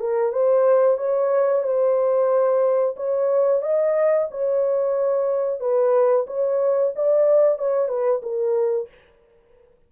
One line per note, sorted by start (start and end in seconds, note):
0.00 0.32 A#4
0.32 0.97 C5
0.97 1.63 C#5
1.63 2.95 C5
2.96 3.62 C#5
3.62 4.28 D#5
4.30 5.60 C#5
5.60 6.26 B4
6.27 6.93 C#5
6.95 7.58 D5
7.58 7.88 C#5
7.88 8.21 B4
8.22 8.88 A#4